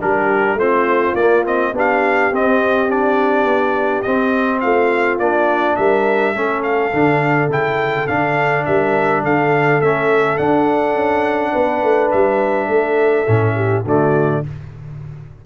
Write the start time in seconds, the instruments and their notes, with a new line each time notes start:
0.00 tuba G3, trombone D4, horn G4, trumpet A#4
0.54 tuba A3, trombone C4, horn F4, trumpet C5
1.14 tuba A#3, trombone A#3, trumpet D5
1.45 trombone C4, trumpet D#5
1.73 tuba B3, trombone D4, horn G4, trumpet F5
2.32 tuba C4, trombone C4, trumpet D#5
2.88 trombone D4, trumpet D5
3.44 tuba B3
4.02 trombone C4, tuba C4, trumpet D#5
4.60 tuba A3, horn F4, trumpet F5
5.19 tuba A#3, trombone D4, trumpet D5
5.76 tuba G3, horn A#4, trumpet E5
6.33 tuba A3, trombone C#4, horn A4
6.63 trumpet F5
6.93 tuba D3, trombone D4
7.48 tuba C#3, trombone E4, trumpet G5
8.07 tuba D3, trombone D4, trumpet F5
8.65 tuba G3, horn A#4, trumpet E5
9.23 tuba D3, horn A4, trumpet F5
9.81 tuba A3, trombone C#4, trumpet E5
10.37 trombone D4, tuba D4, trumpet F#5
10.95 tuba C#4
11.52 tuba B3, horn B4
11.83 tuba A3
12.11 tuba G3, trumpet E5
12.68 tuba A3, horn A4
13.27 tuba A2, trombone C#4
13.55 horn G4
13.84 tuba D3, trombone A3, horn F#4, trumpet D5